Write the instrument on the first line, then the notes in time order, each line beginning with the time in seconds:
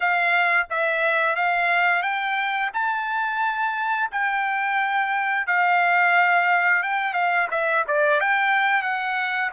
trumpet
0.00 F5
0.70 E5
1.35 F5
2.02 G5
2.73 A5
4.11 G5
5.46 F5
6.82 G5
7.13 F5
7.50 E5
7.87 D5
8.20 G5
8.82 F#5